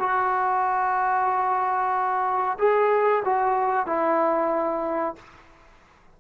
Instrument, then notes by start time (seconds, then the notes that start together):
trombone
0.00 F#4
2.59 G#4
3.25 F#4
3.87 E4